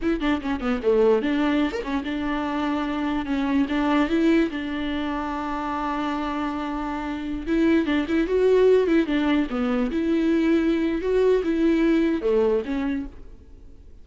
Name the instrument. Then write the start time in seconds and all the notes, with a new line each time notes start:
viola
0.02 E4
0.20 D4
0.41 C#4
0.60 B3
0.83 A3
1.22 D4
1.72 A#4
1.83 C#4
2.04 D4
3.25 C#4
3.68 D4
4.09 E4
4.50 D4
7.47 E4
7.86 D4
8.08 E4
8.27 F#4
8.87 E4
9.06 D4
9.50 B3
9.91 E4
11.01 F#4
11.43 E4
12.21 A3
12.65 C#4